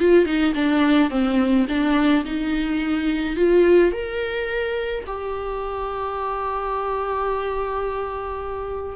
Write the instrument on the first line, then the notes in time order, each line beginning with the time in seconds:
viola
0.00 F4
0.26 D#4
0.55 D4
1.11 C4
1.69 D4
2.26 D#4
3.37 F4
3.93 A#4
5.07 G4